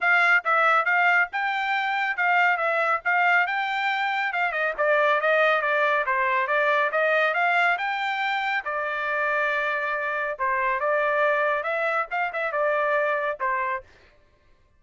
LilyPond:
\new Staff \with { instrumentName = "trumpet" } { \time 4/4 \tempo 4 = 139 f''4 e''4 f''4 g''4~ | g''4 f''4 e''4 f''4 | g''2 f''8 dis''8 d''4 | dis''4 d''4 c''4 d''4 |
dis''4 f''4 g''2 | d''1 | c''4 d''2 e''4 | f''8 e''8 d''2 c''4 | }